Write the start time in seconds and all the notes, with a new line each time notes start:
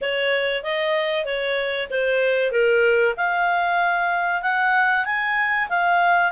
0.01 C#5
0.63 D#5
1.25 C#5
1.90 C5
2.51 A#4
3.17 F5
4.42 F#5
5.05 G#5
5.69 F5